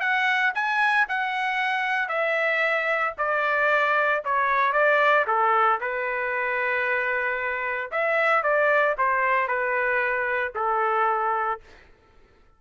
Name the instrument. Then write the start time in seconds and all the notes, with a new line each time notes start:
trumpet
0.00 F#5
0.55 G#5
1.08 F#5
2.08 E5
3.17 D5
4.24 C#5
4.72 D5
5.27 A4
5.80 B4
7.91 E5
8.43 D5
8.98 C5
9.48 B4
10.55 A4